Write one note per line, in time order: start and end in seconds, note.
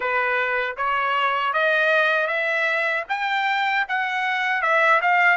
0.00 0.76 B4
0.77 1.53 C#5
1.53 2.27 D#5
2.27 3.03 E5
3.08 3.85 G5
3.88 4.62 F#5
4.62 5.00 E5
5.01 5.37 F5